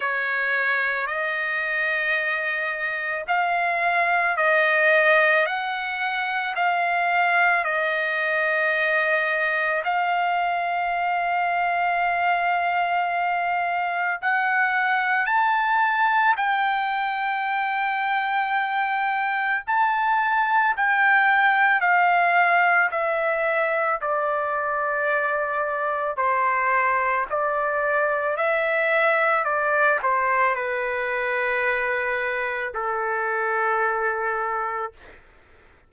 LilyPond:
\new Staff \with { instrumentName = "trumpet" } { \time 4/4 \tempo 4 = 55 cis''4 dis''2 f''4 | dis''4 fis''4 f''4 dis''4~ | dis''4 f''2.~ | f''4 fis''4 a''4 g''4~ |
g''2 a''4 g''4 | f''4 e''4 d''2 | c''4 d''4 e''4 d''8 c''8 | b'2 a'2 | }